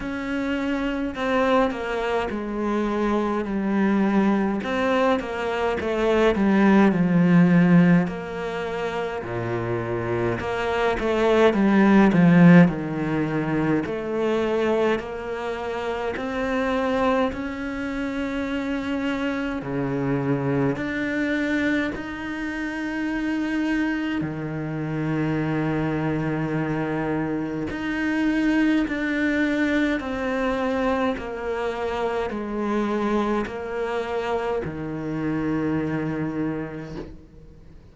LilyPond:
\new Staff \with { instrumentName = "cello" } { \time 4/4 \tempo 4 = 52 cis'4 c'8 ais8 gis4 g4 | c'8 ais8 a8 g8 f4 ais4 | ais,4 ais8 a8 g8 f8 dis4 | a4 ais4 c'4 cis'4~ |
cis'4 cis4 d'4 dis'4~ | dis'4 dis2. | dis'4 d'4 c'4 ais4 | gis4 ais4 dis2 | }